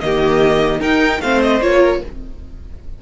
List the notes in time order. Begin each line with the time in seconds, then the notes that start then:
0.00 D#3 A#3 G4 D#5
0.80 D#4 A#4 G5
1.20 A3 C4 C5 F5
1.42 D#5
1.61 A#3 F4 C#5
1.79 A#4